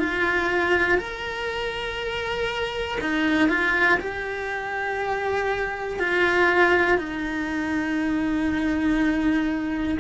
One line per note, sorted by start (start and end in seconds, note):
0.00 0.98 F4
0.98 2.99 A#4
3.01 3.49 D#4
3.49 3.99 F4
4.00 6.00 G4
6.00 6.99 F4
6.99 9.99 D#4